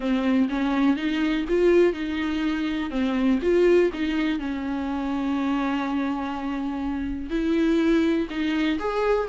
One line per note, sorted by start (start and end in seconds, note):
0.00 0.48 C4
0.49 0.96 C#4
0.96 1.45 D#4
1.48 1.93 F4
1.93 2.90 D#4
2.90 3.39 C4
3.42 3.90 F4
3.93 4.39 D#4
4.39 7.29 C#4
7.29 8.27 E4
8.30 8.78 D#4
8.79 9.27 G#4